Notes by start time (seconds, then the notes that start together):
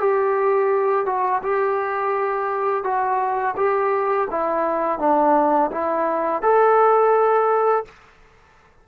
0.00 G4
1.06 F#4
1.43 G4
2.84 F#4
3.57 G4
4.31 E4
4.99 D4
5.72 E4
6.43 A4